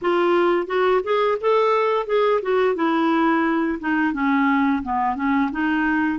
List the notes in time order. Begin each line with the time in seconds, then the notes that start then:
0.01 F4
0.66 F#4
1.03 G#4
1.40 A4
2.06 G#4
2.42 F#4
2.75 E4
3.79 D#4
4.13 C#4
4.82 B3
5.15 C#4
5.51 D#4